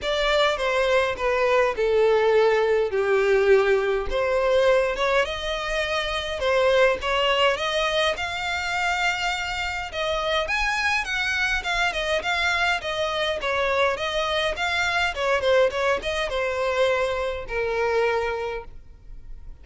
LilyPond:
\new Staff \with { instrumentName = "violin" } { \time 4/4 \tempo 4 = 103 d''4 c''4 b'4 a'4~ | a'4 g'2 c''4~ | c''8 cis''8 dis''2 c''4 | cis''4 dis''4 f''2~ |
f''4 dis''4 gis''4 fis''4 | f''8 dis''8 f''4 dis''4 cis''4 | dis''4 f''4 cis''8 c''8 cis''8 dis''8 | c''2 ais'2 | }